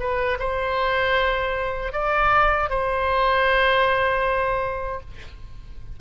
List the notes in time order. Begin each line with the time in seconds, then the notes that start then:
0.00 B4
0.40 C5
1.93 D5
2.70 C5